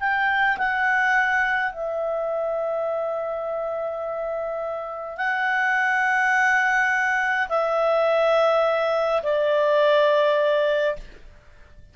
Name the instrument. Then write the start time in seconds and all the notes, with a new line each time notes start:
clarinet
0.00 G5
0.58 F#5
1.73 E5
5.18 F#5
7.49 E5
9.24 D5